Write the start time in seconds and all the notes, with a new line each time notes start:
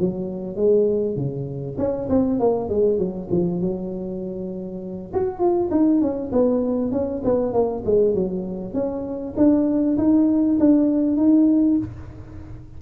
0.00 F#3
0.56 G#3
1.16 C#3
1.78 C#4
2.09 C4
2.40 A#3
2.69 G#3
2.98 F#3
3.31 F3
3.61 F#3
5.14 F#4
5.39 F4
5.71 D#4
6.01 C#4
6.32 B3
6.92 C#4
7.25 B3
7.53 A#3
7.85 G#3
8.15 F#3
8.74 C#4
9.37 D4
9.98 D#4
10.60 D4
11.17 D#4